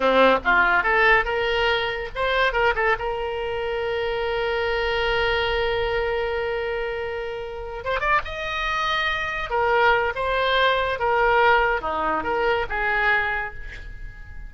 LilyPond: \new Staff \with { instrumentName = "oboe" } { \time 4/4 \tempo 4 = 142 c'4 f'4 a'4 ais'4~ | ais'4 c''4 ais'8 a'8 ais'4~ | ais'1~ | ais'1~ |
ais'2~ ais'8 c''8 d''8 dis''8~ | dis''2~ dis''8 ais'4. | c''2 ais'2 | dis'4 ais'4 gis'2 | }